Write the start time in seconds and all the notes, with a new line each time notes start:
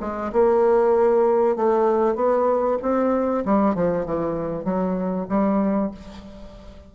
0.00 G#3
0.32 A#3
1.56 A3
2.15 B3
2.82 C4
3.45 G3
3.74 F3
4.05 E3
4.64 F#3
5.28 G3